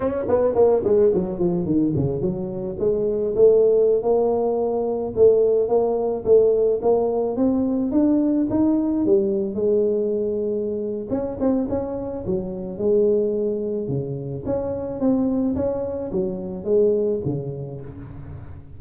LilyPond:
\new Staff \with { instrumentName = "tuba" } { \time 4/4 \tempo 4 = 108 cis'8 b8 ais8 gis8 fis8 f8 dis8 cis8 | fis4 gis4 a4~ a16 ais8.~ | ais4~ ais16 a4 ais4 a8.~ | a16 ais4 c'4 d'4 dis'8.~ |
dis'16 g4 gis2~ gis8. | cis'8 c'8 cis'4 fis4 gis4~ | gis4 cis4 cis'4 c'4 | cis'4 fis4 gis4 cis4 | }